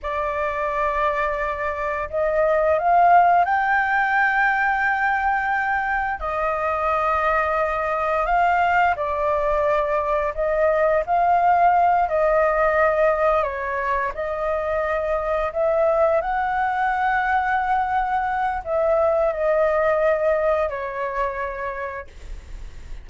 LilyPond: \new Staff \with { instrumentName = "flute" } { \time 4/4 \tempo 4 = 87 d''2. dis''4 | f''4 g''2.~ | g''4 dis''2. | f''4 d''2 dis''4 |
f''4. dis''2 cis''8~ | cis''8 dis''2 e''4 fis''8~ | fis''2. e''4 | dis''2 cis''2 | }